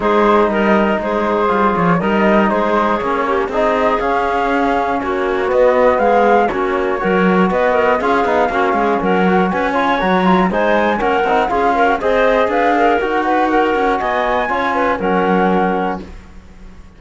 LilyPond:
<<
  \new Staff \with { instrumentName = "flute" } { \time 4/4 \tempo 4 = 120 c''4 dis''4 c''4. cis''8 | dis''4 c''4 cis''4 dis''4 | f''2 cis''4 dis''4 | f''4 cis''2 dis''4 |
f''2 fis''4 gis''4 | ais''4 gis''4 fis''4 f''4 | dis''4 f''4 fis''2 | gis''2 fis''2 | }
  \new Staff \with { instrumentName = "clarinet" } { \time 4/4 gis'4 ais'4 gis'2 | ais'4 gis'4. g'8 gis'4~ | gis'2 fis'2 | gis'4 fis'4 ais'4 b'8 ais'8 |
gis'4 fis'8 gis'8 ais'4 b'8 cis''8~ | cis''4 c''4 ais'4 gis'8 ais'8 | c''4 b'8 ais'4 b'8 ais'4 | dis''4 cis''8 b'8 ais'2 | }
  \new Staff \with { instrumentName = "trombone" } { \time 4/4 dis'2. f'4 | dis'2 cis'4 dis'4 | cis'2. b4~ | b4 cis'4 fis'2 |
f'8 dis'8 cis'4. fis'4 f'8 | fis'8 f'8 dis'4 cis'8 dis'8 f'8. fis'16 | gis'2 fis'2~ | fis'4 f'4 cis'2 | }
  \new Staff \with { instrumentName = "cello" } { \time 4/4 gis4 g4 gis4 g8 f8 | g4 gis4 ais4 c'4 | cis'2 ais4 b4 | gis4 ais4 fis4 b4 |
cis'8 b8 ais8 gis8 fis4 cis'4 | fis4 gis4 ais8 c'8 cis'4 | c'4 d'4 dis'4. cis'8 | b4 cis'4 fis2 | }
>>